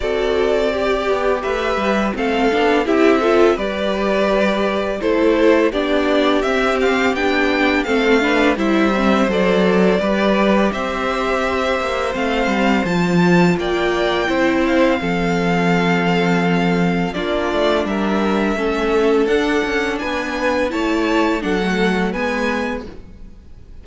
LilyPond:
<<
  \new Staff \with { instrumentName = "violin" } { \time 4/4 \tempo 4 = 84 d''2 e''4 f''4 | e''4 d''2 c''4 | d''4 e''8 f''8 g''4 f''4 | e''4 d''2 e''4~ |
e''4 f''4 a''4 g''4~ | g''8 f''2.~ f''8 | d''4 e''2 fis''4 | gis''4 a''4 fis''4 gis''4 | }
  \new Staff \with { instrumentName = "violin" } { \time 4/4 a'4 g'4 b'4 a'4 | g'8 a'8 b'2 a'4 | g'2. a'8 b'8 | c''2 b'4 c''4~ |
c''2. d''4 | c''4 a'2. | f'4 ais'4 a'2 | b'4 cis''4 a'4 b'4 | }
  \new Staff \with { instrumentName = "viola" } { \time 4/4 fis'4 g'2 c'8 d'8 | e'8 f'8 g'2 e'4 | d'4 c'4 d'4 c'8 d'8 | e'8 c'8 a'4 g'2~ |
g'4 c'4 f'2 | e'4 c'2. | d'2 cis'4 d'4~ | d'4 e'4 d'16 a8. b4 | }
  \new Staff \with { instrumentName = "cello" } { \time 4/4 c'4. b8 a8 g8 a8 b8 | c'4 g2 a4 | b4 c'4 b4 a4 | g4 fis4 g4 c'4~ |
c'8 ais8 a8 g8 f4 ais4 | c'4 f2. | ais8 a8 g4 a4 d'8 cis'8 | b4 a4 fis4 gis4 | }
>>